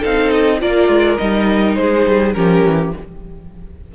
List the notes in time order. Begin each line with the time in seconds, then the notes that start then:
0.00 C4 D#4 A4 F5
0.30 D#5
0.60 A#3 F4 A#4 D5
0.89 G#3
1.17 G3 D#4 D#5
1.75 G#3 G#4 C5
2.06 G3
2.33 F3 C#4 G4 A#4
2.64 E3